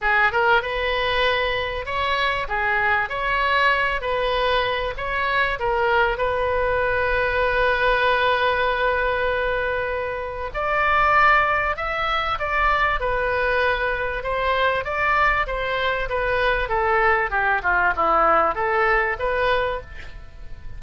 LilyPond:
\new Staff \with { instrumentName = "oboe" } { \time 4/4 \tempo 4 = 97 gis'8 ais'8 b'2 cis''4 | gis'4 cis''4. b'4. | cis''4 ais'4 b'2~ | b'1~ |
b'4 d''2 e''4 | d''4 b'2 c''4 | d''4 c''4 b'4 a'4 | g'8 f'8 e'4 a'4 b'4 | }